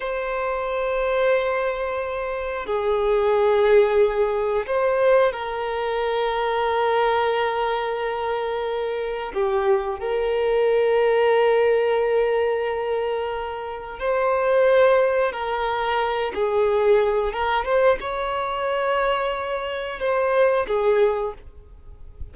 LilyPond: \new Staff \with { instrumentName = "violin" } { \time 4/4 \tempo 4 = 90 c''1 | gis'2. c''4 | ais'1~ | ais'2 g'4 ais'4~ |
ais'1~ | ais'4 c''2 ais'4~ | ais'8 gis'4. ais'8 c''8 cis''4~ | cis''2 c''4 gis'4 | }